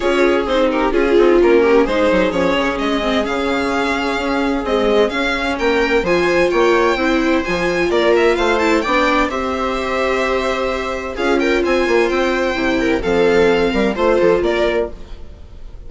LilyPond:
<<
  \new Staff \with { instrumentName = "violin" } { \time 4/4 \tempo 4 = 129 cis''4 c''8 ais'8 gis'4 ais'4 | c''4 cis''4 dis''4 f''4~ | f''2 dis''4 f''4 | g''4 gis''4 g''2 |
gis''4 d''8 e''8 f''8 a''8 g''4 | e''1 | f''8 g''8 gis''4 g''2 | f''2 c''4 d''4 | }
  \new Staff \with { instrumentName = "viola" } { \time 4/4 gis'4. g'8 f'4. g'8 | gis'1~ | gis'1 | ais'4 c''4 cis''4 c''4~ |
c''4 ais'4 c''4 d''4 | c''1 | gis'8 ais'8 c''2~ c''8 ais'8 | a'4. ais'8 c''8 a'8 ais'4 | }
  \new Staff \with { instrumentName = "viola" } { \time 4/4 f'4 dis'4 f'8 dis'8 cis'4 | dis'4 cis'4. c'8 cis'4~ | cis'2 gis4 cis'4~ | cis'4 f'2 e'4 |
f'2~ f'8 e'8 d'4 | g'1 | f'2. e'4 | c'2 f'2 | }
  \new Staff \with { instrumentName = "bassoon" } { \time 4/4 cis'4 c'4 cis'8 c'8 ais4 | gis8 fis8 f8 cis8 gis4 cis4~ | cis4 cis'4 c'4 cis'4 | ais4 f4 ais4 c'4 |
f4 ais4 a4 b4 | c'1 | cis'4 c'8 ais8 c'4 c4 | f4. g8 a8 f8 ais4 | }
>>